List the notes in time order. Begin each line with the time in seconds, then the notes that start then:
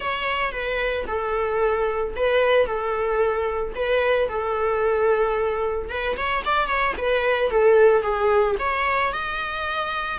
0.00 C#5
0.52 B4
1.07 A4
2.16 B4
2.66 A4
3.75 B4
4.29 A4
5.89 B4
6.16 C#5
6.45 D5
6.67 C#5
6.97 B4
7.50 A4
8.01 G#4
8.59 C#5
9.12 D#5